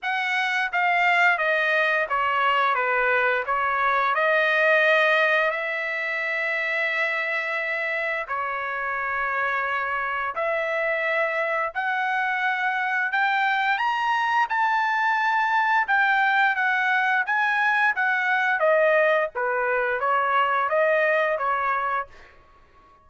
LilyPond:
\new Staff \with { instrumentName = "trumpet" } { \time 4/4 \tempo 4 = 87 fis''4 f''4 dis''4 cis''4 | b'4 cis''4 dis''2 | e''1 | cis''2. e''4~ |
e''4 fis''2 g''4 | ais''4 a''2 g''4 | fis''4 gis''4 fis''4 dis''4 | b'4 cis''4 dis''4 cis''4 | }